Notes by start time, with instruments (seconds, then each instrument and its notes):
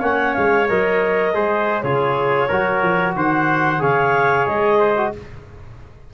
0.00 tuba A#3, trombone C#4, trumpet C#5, clarinet F#5
0.34 tuba G#3, clarinet F5
0.69 tuba F#3, trombone A#4, clarinet D#5
1.34 tuba G#3, trombone G#4, trumpet C5
1.81 tuba C#3, trombone F4, trumpet G#4, clarinet C#5
2.48 tuba F#3, trombone F#4, trumpet A#4
2.82 tuba F3
3.15 tuba D#3, trumpet C5, clarinet F#5
3.79 tuba C#3, trombone G#4, trumpet C#5, clarinet F5
4.46 tuba G#3, clarinet D#5
4.79 trumpet C5
4.97 trombone F#4